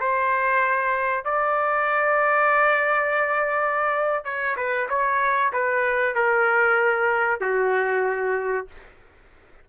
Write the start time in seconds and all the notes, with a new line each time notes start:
0.00 C5
1.24 D5
4.24 C#5
4.56 B4
4.89 C#5
5.52 B4
6.15 A#4
7.40 F#4